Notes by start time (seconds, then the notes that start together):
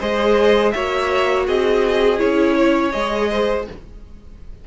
0.00 G#3 G#4 C5 D#5
0.71 A#3 F#4 C#5 E5
1.47 C4 G#4 D#5
2.18 C#4 E4 C#5
2.56 C#5
2.92 G#3 G#4 D#5
3.31 C5